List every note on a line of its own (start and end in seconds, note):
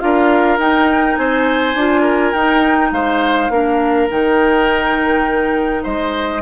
0.00 0.58 D4
0.00 0.59 F4
0.00 1.20 A#4
0.00 0.58 F5
0.58 1.16 D#4
0.58 1.76 D#4
0.58 1.17 G5
1.17 1.75 C4
1.17 2.01 C5
1.17 2.33 G#5
1.75 2.33 D4
1.75 2.34 F4
2.01 2.89 A#4
2.33 2.92 D#4
2.33 3.51 D#4
2.33 2.91 G5
2.92 3.49 G#3
2.92 3.52 C5
2.92 4.09 F5
3.49 4.08 A#3
3.49 4.09 D4
3.49 5.83 A#4
4.09 5.86 D#3
4.09 6.42 D#4
4.09 5.84 G5
5.83 6.42 G#3
5.83 6.42 C5
5.83 6.42 D#5